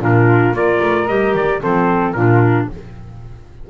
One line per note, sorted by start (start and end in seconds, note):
0.00 0.53 A#2
0.00 0.54 D4
0.00 0.56 F4
0.00 0.56 A#4
0.53 0.80 A#3
0.53 1.08 F4
0.53 1.62 A#4
0.53 1.08 D5
0.82 1.08 A3
1.08 1.35 G3
1.08 1.62 G4
1.08 1.35 D#5
1.35 1.62 D#3
1.35 1.63 D5
1.62 2.15 F3
1.62 2.16 C4
1.62 2.15 A4
1.62 2.13 C5
2.13 2.69 A#2
2.13 2.70 D4
2.13 2.69 F4
2.13 2.67 A#4